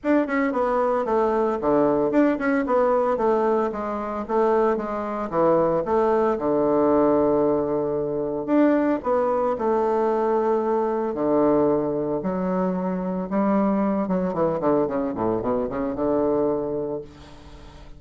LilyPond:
\new Staff \with { instrumentName = "bassoon" } { \time 4/4 \tempo 4 = 113 d'8 cis'8 b4 a4 d4 | d'8 cis'8 b4 a4 gis4 | a4 gis4 e4 a4 | d1 |
d'4 b4 a2~ | a4 d2 fis4~ | fis4 g4. fis8 e8 d8 | cis8 a,8 b,8 cis8 d2 | }